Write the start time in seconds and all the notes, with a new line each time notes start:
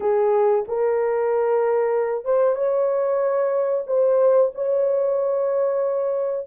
0.00 G#4
0.68 A#4
2.24 C5
2.55 C#5
3.86 C5
4.55 C#5